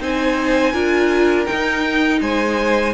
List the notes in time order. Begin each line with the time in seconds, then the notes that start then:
0.00 C4 D#4 C5 G#5
0.72 D4 F4 A#4
1.45 D#4 G5
2.21 G#3 C5 G#5